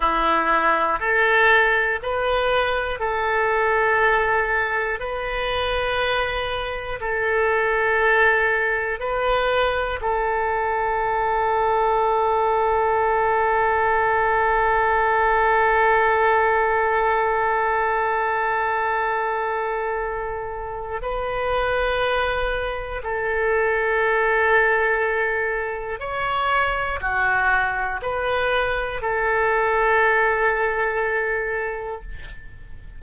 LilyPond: \new Staff \with { instrumentName = "oboe" } { \time 4/4 \tempo 4 = 60 e'4 a'4 b'4 a'4~ | a'4 b'2 a'4~ | a'4 b'4 a'2~ | a'1~ |
a'1~ | a'4 b'2 a'4~ | a'2 cis''4 fis'4 | b'4 a'2. | }